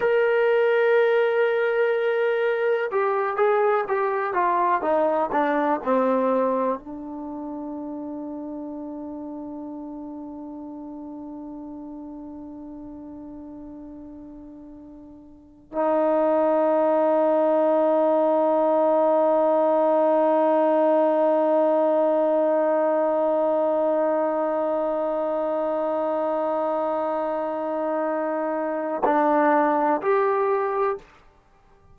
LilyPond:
\new Staff \with { instrumentName = "trombone" } { \time 4/4 \tempo 4 = 62 ais'2. g'8 gis'8 | g'8 f'8 dis'8 d'8 c'4 d'4~ | d'1~ | d'1~ |
d'16 dis'2.~ dis'8.~ | dis'1~ | dis'1~ | dis'2 d'4 g'4 | }